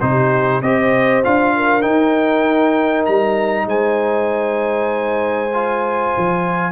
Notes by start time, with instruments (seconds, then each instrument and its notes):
0.00 tuba C3, trombone D#4, horn G4, trumpet C5
0.61 tuba C4, trombone G4, horn C5, trumpet D#5
1.24 tuba D4, trombone F4, trumpet F5
1.56 horn A#4
1.81 trombone D#4, tuba D#4, trumpet G5
3.05 tuba G3, trumpet A#5
3.66 tuba G#3, horn C5, trumpet G#5
5.53 trombone F4
6.17 tuba F3